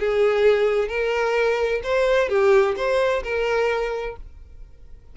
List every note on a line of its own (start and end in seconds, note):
0.00 0.89 G#4
0.89 1.82 A#4
1.84 2.29 C5
2.29 2.76 G4
2.77 3.23 C5
3.24 4.17 A#4